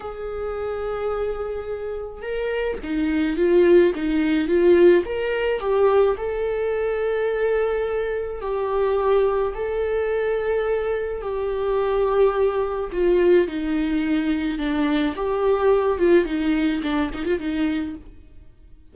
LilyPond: \new Staff \with { instrumentName = "viola" } { \time 4/4 \tempo 4 = 107 gis'1 | ais'4 dis'4 f'4 dis'4 | f'4 ais'4 g'4 a'4~ | a'2. g'4~ |
g'4 a'2. | g'2. f'4 | dis'2 d'4 g'4~ | g'8 f'8 dis'4 d'8 dis'16 f'16 dis'4 | }